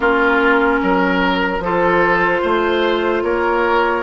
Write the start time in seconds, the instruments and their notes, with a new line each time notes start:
0.00 bassoon A#3, clarinet C#4, oboe F4, flute A#4
0.82 bassoon F#3, oboe A#4
1.59 bassoon F3, clarinet F4, oboe A4, flute C5
2.41 bassoon A3, oboe C5
3.22 bassoon A#3, oboe A#4, flute C#5